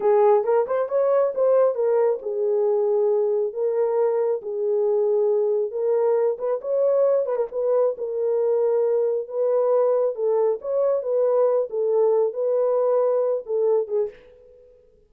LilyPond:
\new Staff \with { instrumentName = "horn" } { \time 4/4 \tempo 4 = 136 gis'4 ais'8 c''8 cis''4 c''4 | ais'4 gis'2. | ais'2 gis'2~ | gis'4 ais'4. b'8 cis''4~ |
cis''8 b'16 ais'16 b'4 ais'2~ | ais'4 b'2 a'4 | cis''4 b'4. a'4. | b'2~ b'8 a'4 gis'8 | }